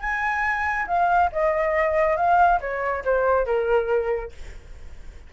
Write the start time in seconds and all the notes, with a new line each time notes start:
0.00 G#5
0.87 F5
1.32 D#5
2.17 F5
2.61 C#5
3.05 C5
3.46 A#4